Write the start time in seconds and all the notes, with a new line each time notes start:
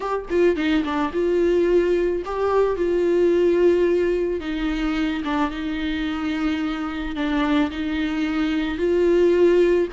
0.00 G4
0.30 F4
0.56 D#4
0.84 D4
1.12 F4
2.25 G4
2.76 F4
4.40 D#4
5.24 D4
5.50 D#4
7.15 D4
7.71 D#4
8.77 F4